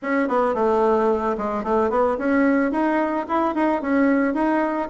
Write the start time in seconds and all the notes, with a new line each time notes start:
0.02 C#4
0.28 B3
0.54 A3
1.37 G#3
1.63 A3
1.90 B3
2.18 C#4
2.71 D#4
3.28 E4
3.54 D#4
3.81 C#4
4.33 D#4